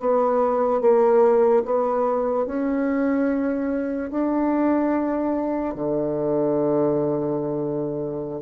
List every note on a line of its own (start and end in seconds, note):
0.00 0.81 B3
0.81 1.63 A#3
1.65 2.46 B3
2.46 4.11 C#4
4.11 5.75 D4
5.75 8.42 D3